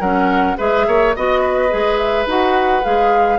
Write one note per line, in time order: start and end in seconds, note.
0.00 0.57 F#3
0.00 0.57 C#4
0.00 0.57 A#4
0.00 0.57 F#5
0.57 0.87 G#3
0.57 1.14 G#4
0.57 0.86 B4
0.57 1.15 E5
0.87 1.15 A#3
0.87 1.16 C#5
1.16 1.73 B3
1.16 1.69 F#4
1.16 1.41 D#5
1.16 1.98 D#5
1.41 3.39 B4
1.69 2.26 G#3
1.69 2.26 G#4
1.98 2.26 E5
2.26 2.83 D#4
2.26 2.83 F#4
2.26 2.84 F#5
2.83 3.39 G#3
2.83 3.39 G#4
2.83 3.39 F5